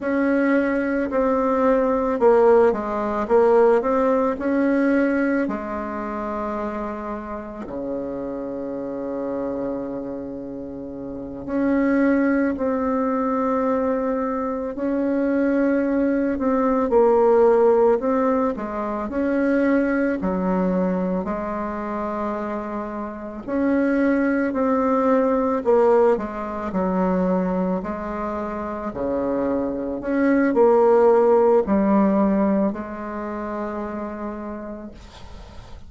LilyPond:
\new Staff \with { instrumentName = "bassoon" } { \time 4/4 \tempo 4 = 55 cis'4 c'4 ais8 gis8 ais8 c'8 | cis'4 gis2 cis4~ | cis2~ cis8 cis'4 c'8~ | c'4. cis'4. c'8 ais8~ |
ais8 c'8 gis8 cis'4 fis4 gis8~ | gis4. cis'4 c'4 ais8 | gis8 fis4 gis4 cis4 cis'8 | ais4 g4 gis2 | }